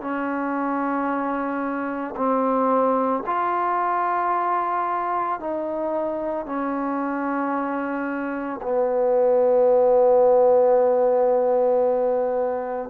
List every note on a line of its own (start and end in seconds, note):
0.00 2.14 C#4
2.16 3.23 C4
3.26 5.40 F4
5.40 6.45 D#4
6.45 8.60 C#4
8.62 12.89 B3